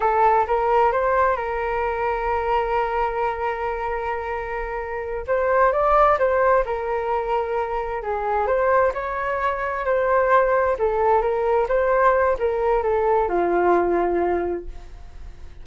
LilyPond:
\new Staff \with { instrumentName = "flute" } { \time 4/4 \tempo 4 = 131 a'4 ais'4 c''4 ais'4~ | ais'1~ | ais'2.~ ais'8 c''8~ | c''8 d''4 c''4 ais'4.~ |
ais'4. gis'4 c''4 cis''8~ | cis''4. c''2 a'8~ | a'8 ais'4 c''4. ais'4 | a'4 f'2. | }